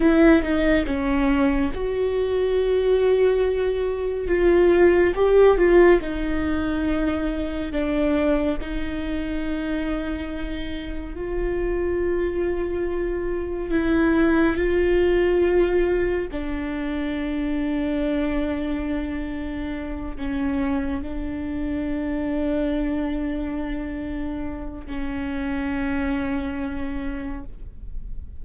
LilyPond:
\new Staff \with { instrumentName = "viola" } { \time 4/4 \tempo 4 = 70 e'8 dis'8 cis'4 fis'2~ | fis'4 f'4 g'8 f'8 dis'4~ | dis'4 d'4 dis'2~ | dis'4 f'2. |
e'4 f'2 d'4~ | d'2.~ d'8 cis'8~ | cis'8 d'2.~ d'8~ | d'4 cis'2. | }